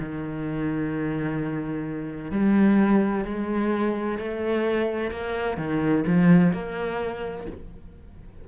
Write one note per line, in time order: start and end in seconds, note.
0.00 2.32 D#3
2.32 3.25 G3
3.25 4.19 G#3
4.19 5.11 A3
5.11 5.58 A#3
5.58 6.04 D#3
6.07 6.53 F3
6.53 7.47 A#3